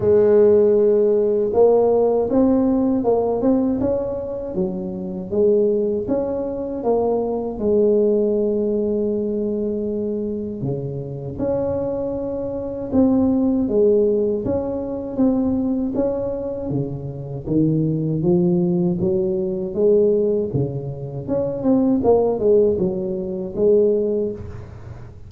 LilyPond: \new Staff \with { instrumentName = "tuba" } { \time 4/4 \tempo 4 = 79 gis2 ais4 c'4 | ais8 c'8 cis'4 fis4 gis4 | cis'4 ais4 gis2~ | gis2 cis4 cis'4~ |
cis'4 c'4 gis4 cis'4 | c'4 cis'4 cis4 dis4 | f4 fis4 gis4 cis4 | cis'8 c'8 ais8 gis8 fis4 gis4 | }